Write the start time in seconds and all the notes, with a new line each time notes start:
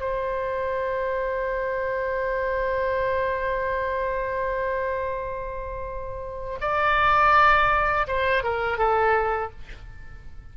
0.00 C5
6.61 D5
8.07 C5
8.43 A#4
8.78 A4